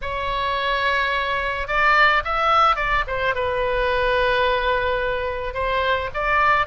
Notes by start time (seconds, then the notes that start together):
0.01 C#5
1.67 D5
2.24 E5
2.76 D5
3.07 C5
3.34 B4
5.54 C5
6.14 D5